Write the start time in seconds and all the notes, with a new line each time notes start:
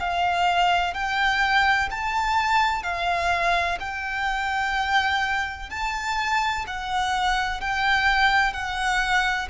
0.00 F5
0.94 G5
1.91 A5
2.84 F5
3.80 G5
5.70 A5
6.68 F#5
7.61 G5
8.53 F#5